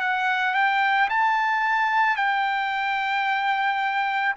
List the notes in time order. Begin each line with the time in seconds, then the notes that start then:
0.00 F#5
0.55 G5
1.10 A5
2.16 G5